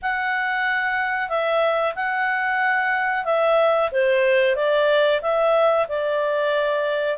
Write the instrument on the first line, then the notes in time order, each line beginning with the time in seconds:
clarinet
0.01 F#5
1.29 E5
1.95 F#5
3.25 E5
3.91 C5
4.55 D5
5.21 E5
5.88 D5